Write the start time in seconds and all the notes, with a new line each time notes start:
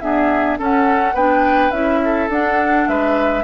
0.00 B3 D4 G#4 E5
0.58 C#4 A4 F#5
1.14 B3 D4 B4 G5
1.71 C#4 E4 E5
2.05 A4
2.30 D4 F#5
2.88 G#3 B4 E5